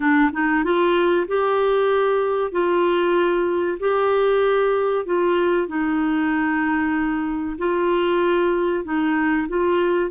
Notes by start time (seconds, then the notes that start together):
0.00 D4
0.32 D#4
0.63 F4
1.27 G4
2.51 F4
3.79 G4
5.05 F4
5.67 D#4
7.58 F4
8.84 D#4
9.48 F4